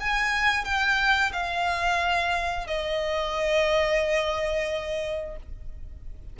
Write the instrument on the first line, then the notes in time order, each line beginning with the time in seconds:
violin
0.00 G#5
0.64 G5
1.32 F5
2.67 D#5